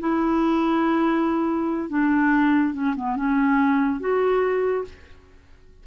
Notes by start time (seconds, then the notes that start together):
0.00 E4
1.89 D4
2.74 C#4
2.96 B3
3.16 C#4
4.00 F#4